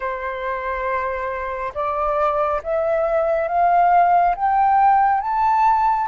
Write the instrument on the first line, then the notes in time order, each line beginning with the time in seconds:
flute
0.00 C5
1.74 D5
2.63 E5
3.48 F5
4.35 G5
5.21 A5